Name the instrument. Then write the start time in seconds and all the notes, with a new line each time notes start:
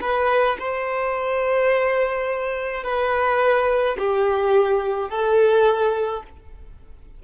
violin
0.00 B4
0.59 C5
2.83 B4
3.98 G4
5.09 A4